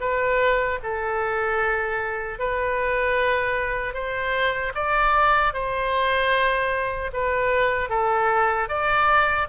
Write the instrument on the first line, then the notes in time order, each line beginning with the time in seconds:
oboe
0.00 B4
0.83 A4
2.39 B4
3.93 C5
4.74 D5
5.53 C5
7.13 B4
7.89 A4
8.68 D5